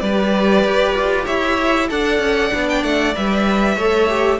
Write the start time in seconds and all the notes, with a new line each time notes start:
0.00 G3 G4 B4 D5
0.64 G4
0.94 F4
1.25 E4 C#5 E5
1.89 D4 A4 D5 F#5
2.18 C#4
2.51 B3 D4
2.69 G5
2.83 A3 F#5
3.14 G3 B4 E5
3.75 A3 A4 C#5
4.08 G4